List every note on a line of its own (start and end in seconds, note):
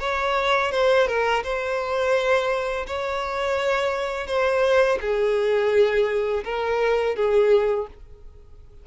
0.00 0.71 C#5
0.71 1.07 C5
1.07 1.43 A#4
1.44 2.86 C5
2.87 4.27 C#5
4.27 4.98 C5
5.01 6.44 G#4
6.44 7.16 A#4
7.16 7.87 G#4